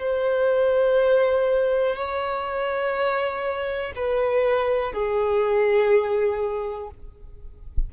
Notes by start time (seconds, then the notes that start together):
0.00 C5
1.96 C#5
3.96 B4
4.93 G#4